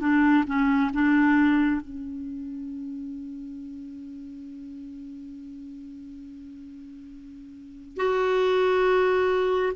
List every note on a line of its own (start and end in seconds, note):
0.00 0.44 D4
0.47 0.91 C#4
0.93 1.81 D4
1.81 7.97 C#4
7.97 9.73 F#4